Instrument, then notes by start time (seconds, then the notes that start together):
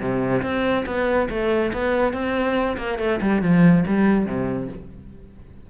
cello
0.00 C3
0.43 C4
0.86 B3
1.30 A3
1.73 B3
2.13 C4
2.78 A#3
2.99 A3
3.21 G3
3.42 F3
3.88 G3
4.26 C3